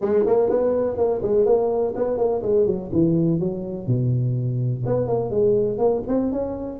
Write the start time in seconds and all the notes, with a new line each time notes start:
0.01 G#3
0.26 A#3
0.49 B3
0.97 A#3
1.22 G#3
1.45 A#3
1.95 B3
2.17 A#3
2.42 G#3
2.66 F#3
2.92 E3
3.39 F#3
3.86 B2
4.86 B3
5.07 A#3
5.30 G#3
5.78 A#3
6.07 C4
6.31 C#4